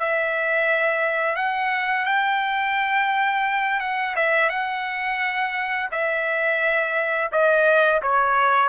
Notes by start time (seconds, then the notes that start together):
0.00 E5
1.36 F#5
2.06 G5
3.80 F#5
4.16 E5
4.50 F#5
5.92 E5
7.32 D#5
8.03 C#5